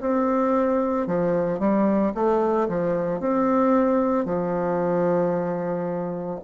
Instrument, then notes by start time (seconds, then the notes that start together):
bassoon
0.00 C4
1.07 F3
1.59 G3
2.14 A3
2.68 F3
3.20 C4
4.25 F3